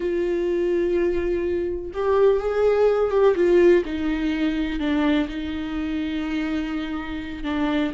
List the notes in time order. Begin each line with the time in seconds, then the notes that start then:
0.00 F4
1.93 G4
2.39 G#4
3.10 G4
3.35 F4
3.85 D#4
4.79 D4
5.28 D#4
7.43 D4